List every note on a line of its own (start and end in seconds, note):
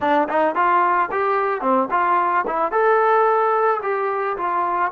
0.00 0.28 D4
0.29 0.55 D#4
0.55 1.09 F4
1.11 1.61 G4
1.61 1.88 C4
1.90 2.45 F4
2.46 2.71 E4
2.71 3.81 A4
3.82 4.37 G4
4.37 4.91 F4